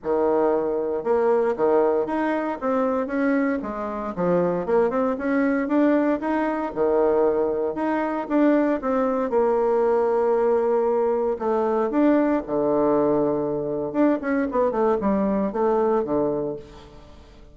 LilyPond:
\new Staff \with { instrumentName = "bassoon" } { \time 4/4 \tempo 4 = 116 dis2 ais4 dis4 | dis'4 c'4 cis'4 gis4 | f4 ais8 c'8 cis'4 d'4 | dis'4 dis2 dis'4 |
d'4 c'4 ais2~ | ais2 a4 d'4 | d2. d'8 cis'8 | b8 a8 g4 a4 d4 | }